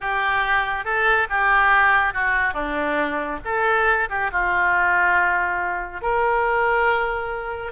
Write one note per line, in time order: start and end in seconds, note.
0.01 0.84 G4
0.84 1.27 A4
1.29 2.13 G4
2.13 2.53 F#4
2.53 3.39 D4
3.44 4.09 A4
4.09 4.31 G4
4.31 6.01 F4
6.01 7.72 A#4